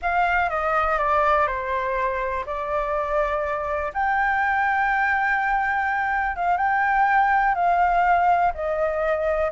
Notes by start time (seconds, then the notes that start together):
0.02 F5
0.49 D#5
0.98 D5
1.46 C5
2.46 D5
3.93 G5
6.36 F5
6.57 G5
7.55 F5
8.54 D#5